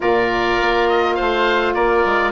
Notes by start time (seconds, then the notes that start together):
0.00 A#2 F4 A#4 D5
0.61 A#3
0.88 D#5
1.15 A3 C5 F5
1.74 A#3 A#4 D5
2.05 G#3